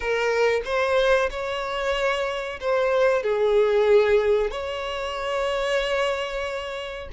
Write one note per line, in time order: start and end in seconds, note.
0.00 0.61 A#4
0.65 1.29 C5
1.30 2.59 C#5
2.60 3.22 C5
3.22 4.50 G#4
4.50 7.09 C#5